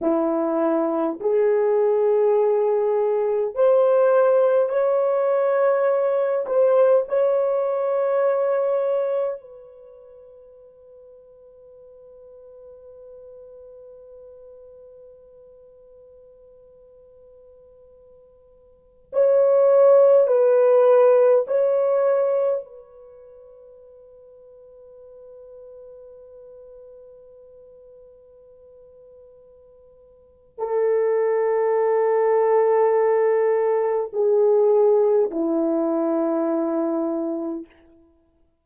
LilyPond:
\new Staff \with { instrumentName = "horn" } { \time 4/4 \tempo 4 = 51 e'4 gis'2 c''4 | cis''4. c''8 cis''2 | b'1~ | b'1~ |
b'16 cis''4 b'4 cis''4 b'8.~ | b'1~ | b'2 a'2~ | a'4 gis'4 e'2 | }